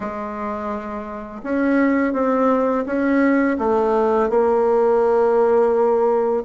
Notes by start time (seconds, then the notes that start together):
0.00 G#3
1.43 C#4
2.13 C4
2.86 C#4
3.58 A3
4.29 A#3